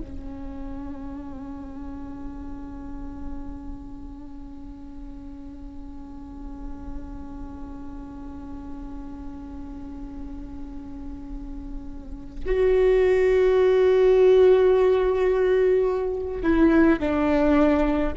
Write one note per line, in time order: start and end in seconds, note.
0.00 12.45 C#4
12.46 16.42 F#4
16.43 17.00 E4
17.00 18.13 D4